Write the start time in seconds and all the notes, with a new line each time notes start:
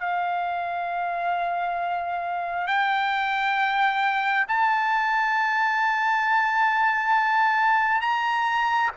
0.00 F5
2.67 G5
4.48 A5
8.01 A#5